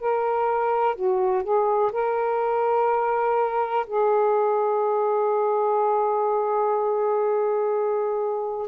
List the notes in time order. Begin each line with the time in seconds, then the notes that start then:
0.00 A#4
0.95 F#4
1.43 G#4
1.92 A#4
3.86 G#4